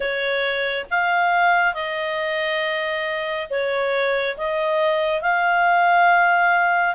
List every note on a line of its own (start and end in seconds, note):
0.00 0.85 C#5
0.90 1.74 F5
1.74 3.47 D#5
3.50 4.37 C#5
4.37 5.21 D#5
5.21 6.95 F5